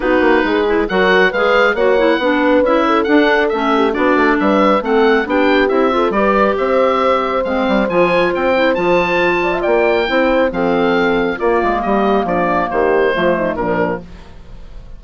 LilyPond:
<<
  \new Staff \with { instrumentName = "oboe" } { \time 4/4 \tempo 4 = 137 b'2 fis''4 f''4 | fis''2 e''4 fis''4 | e''4 d''4 e''4 fis''4 | g''4 e''4 d''4 e''4~ |
e''4 f''4 gis''4 g''4 | a''2 g''2 | f''2 d''4 dis''4 | d''4 c''2 ais'4 | }
  \new Staff \with { instrumentName = "horn" } { \time 4/4 fis'4 gis'4 ais'4 b'4 | cis''4 b'4. a'4.~ | a'8 g'8 fis'4 b'4 a'4 | g'4. a'8 b'4 c''4~ |
c''1~ | c''4. d''16 e''16 d''4 c''4 | a'2 f'4 g'4 | d'4 g'4 f'8 dis'8 d'4 | }
  \new Staff \with { instrumentName = "clarinet" } { \time 4/4 dis'4. e'8 fis'4 gis'4 | fis'8 e'8 d'4 e'4 d'4 | cis'4 d'2 c'4 | d'4 e'8 f'8 g'2~ |
g'4 c'4 f'4. e'8 | f'2. e'4 | c'2 ais2~ | ais2 a4 f4 | }
  \new Staff \with { instrumentName = "bassoon" } { \time 4/4 b8 ais8 gis4 fis4 gis4 | ais4 b4 cis'4 d'4 | a4 b8 a8 g4 a4 | b4 c'4 g4 c'4~ |
c'4 gis8 g8 f4 c'4 | f2 ais4 c'4 | f2 ais8 gis8 g4 | f4 dis4 f4 ais,4 | }
>>